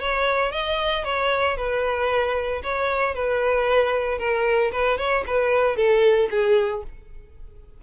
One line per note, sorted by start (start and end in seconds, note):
0.00 0.52 C#5
0.52 1.04 D#5
1.05 1.57 C#5
1.57 2.62 B4
2.63 3.15 C#5
3.15 4.19 B4
4.19 4.71 A#4
4.72 4.98 B4
4.98 5.24 C#5
5.27 5.76 B4
5.76 6.29 A4
6.31 6.83 G#4